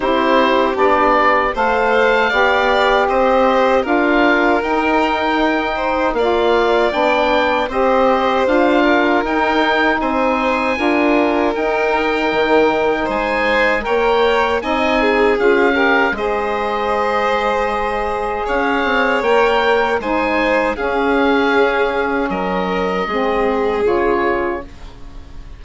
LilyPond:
<<
  \new Staff \with { instrumentName = "oboe" } { \time 4/4 \tempo 4 = 78 c''4 d''4 f''2 | dis''4 f''4 g''2 | f''4 g''4 dis''4 f''4 | g''4 gis''2 g''4~ |
g''4 gis''4 g''4 gis''4 | f''4 dis''2. | f''4 g''4 gis''4 f''4~ | f''4 dis''2 cis''4 | }
  \new Staff \with { instrumentName = "violin" } { \time 4/4 g'2 c''4 d''4 | c''4 ais'2~ ais'8 c''8 | d''2 c''4. ais'8~ | ais'4 c''4 ais'2~ |
ais'4 c''4 cis''4 dis''8 gis'8~ | gis'8 ais'8 c''2. | cis''2 c''4 gis'4~ | gis'4 ais'4 gis'2 | }
  \new Staff \with { instrumentName = "saxophone" } { \time 4/4 e'4 d'4 a'4 g'4~ | g'4 f'4 dis'2 | f'4 d'4 g'4 f'4 | dis'2 f'4 dis'4~ |
dis'2 ais'4 dis'4 | f'8 g'8 gis'2.~ | gis'4 ais'4 dis'4 cis'4~ | cis'2 c'4 f'4 | }
  \new Staff \with { instrumentName = "bassoon" } { \time 4/4 c'4 b4 a4 b4 | c'4 d'4 dis'2 | ais4 b4 c'4 d'4 | dis'4 c'4 d'4 dis'4 |
dis4 gis4 ais4 c'4 | cis'4 gis2. | cis'8 c'8 ais4 gis4 cis'4~ | cis'4 fis4 gis4 cis4 | }
>>